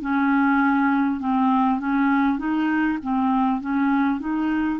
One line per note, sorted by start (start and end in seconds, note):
0.00 1.20 C#4
1.20 1.79 C4
1.79 2.38 C#4
2.38 2.98 D#4
3.02 3.60 C4
3.60 4.19 C#4
4.19 4.79 D#4